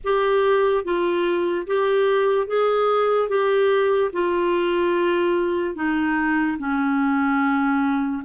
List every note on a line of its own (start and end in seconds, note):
0.04 0.84 G4
0.84 1.66 F4
1.66 2.47 G4
2.47 3.28 G#4
3.28 4.11 G4
4.12 5.75 F4
5.75 6.57 D#4
6.58 8.22 C#4